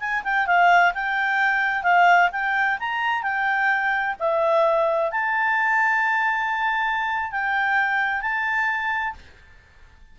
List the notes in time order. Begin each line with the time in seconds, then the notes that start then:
0.00 G#5
0.24 G5
0.47 F5
0.94 G5
1.83 F5
2.32 G5
2.80 A#5
3.23 G5
4.20 E5
5.11 A5
7.32 G5
8.22 A5